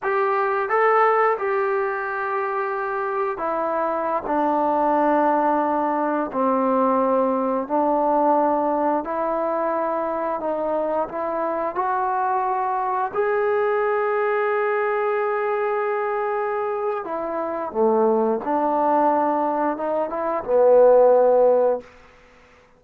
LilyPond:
\new Staff \with { instrumentName = "trombone" } { \time 4/4 \tempo 4 = 88 g'4 a'4 g'2~ | g'4 e'4~ e'16 d'4.~ d'16~ | d'4~ d'16 c'2 d'8.~ | d'4~ d'16 e'2 dis'8.~ |
dis'16 e'4 fis'2 gis'8.~ | gis'1~ | gis'4 e'4 a4 d'4~ | d'4 dis'8 e'8 b2 | }